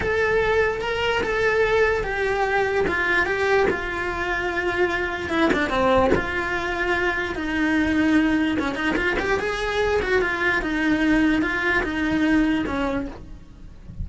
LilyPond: \new Staff \with { instrumentName = "cello" } { \time 4/4 \tempo 4 = 147 a'2 ais'4 a'4~ | a'4 g'2 f'4 | g'4 f'2.~ | f'4 e'8 d'8 c'4 f'4~ |
f'2 dis'2~ | dis'4 cis'8 dis'8 f'8 g'8 gis'4~ | gis'8 fis'8 f'4 dis'2 | f'4 dis'2 cis'4 | }